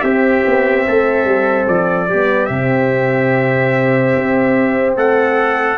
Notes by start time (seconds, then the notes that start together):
0.00 C4 G4 E5
0.45 B3
0.87 A3 A4
1.24 G3
1.67 F3 D5
2.08 G3 B3 G4
2.45 C3 C4 E5
4.15 C4
4.96 A3 A4 F#5